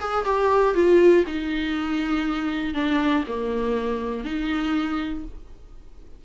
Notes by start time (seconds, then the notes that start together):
0.00 G#4
0.25 G4
0.75 F4
1.27 D#4
2.74 D4
3.27 A#3
4.25 D#4